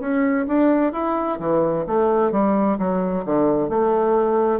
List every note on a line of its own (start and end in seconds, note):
0.00 0.46 C#4
0.48 0.93 D4
0.93 1.39 E4
1.39 1.85 E3
1.87 2.32 A3
2.32 2.78 G3
2.78 3.24 F#3
3.25 3.69 D3
3.69 4.60 A3